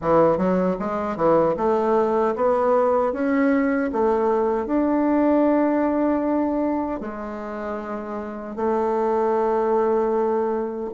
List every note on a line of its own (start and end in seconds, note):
0.01 0.37 E3
0.37 0.76 F#3
0.79 1.16 G#3
1.16 1.55 E3
1.56 2.34 A3
2.35 3.12 B3
3.12 3.90 C#4
3.92 4.66 A3
4.66 7.00 D4
7.00 8.56 G#3
8.56 10.89 A3